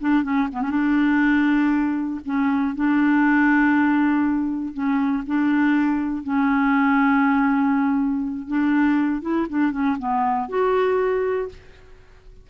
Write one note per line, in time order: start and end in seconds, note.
0.00 0.23 D4
0.23 0.48 C#4
0.52 0.61 B3
0.61 0.70 C#4
0.70 2.20 D4
2.25 2.75 C#4
2.75 4.73 D4
4.73 5.23 C#4
5.26 6.23 D4
6.23 8.47 C#4
8.47 9.21 D4
9.21 9.46 E4
9.49 9.71 D4
9.71 9.96 C#4
9.98 10.48 B3
10.48 11.48 F#4